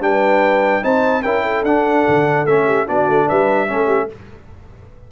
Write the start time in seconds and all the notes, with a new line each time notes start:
0.00 G3 D4 B4 G5
0.82 C4 D#4 C5 A5
1.22 C#4 E4 A#4 G5
1.43 A4
1.63 D4 F#5
2.08 D3
2.46 A3 C#4 E5
2.66 G4
2.86 B3 D4 F#4 D5
3.08 A3
3.27 G3 B4 E5
3.68 A3 C#4 A4
3.86 G4